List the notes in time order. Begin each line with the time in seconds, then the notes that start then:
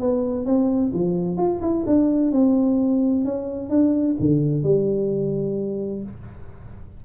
0.00 B3
0.46 C4
0.93 F3
1.37 F4
1.62 E4
1.86 D4
2.32 C4
3.25 C#4
3.70 D4
4.20 D3
4.63 G3